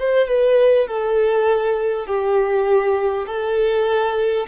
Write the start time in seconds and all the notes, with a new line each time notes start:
0.00 C5
0.29 B4
0.88 A4
2.07 G4
3.27 A4